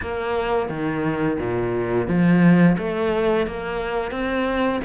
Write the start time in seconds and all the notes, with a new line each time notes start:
0.01 A#3
0.69 D#3
1.39 A#2
2.07 F3
2.77 A3
3.46 A#3
4.11 C4